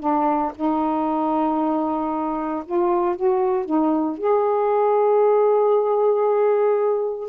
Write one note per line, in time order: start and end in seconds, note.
0.00 0.52 D4
0.55 2.64 D#4
2.65 3.16 F4
3.16 3.66 F#4
3.66 4.18 D#4
4.18 7.29 G#4